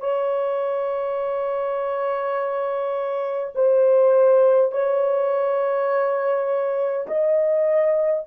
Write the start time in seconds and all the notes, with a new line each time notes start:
0.00 C#5
3.55 C5
4.72 C#5
7.07 D#5